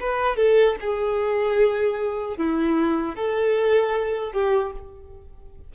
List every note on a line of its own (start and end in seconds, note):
0.00 0.36 B4
0.36 0.76 A4
0.80 2.37 G#4
2.37 3.15 E4
3.15 4.32 A4
4.32 4.72 G4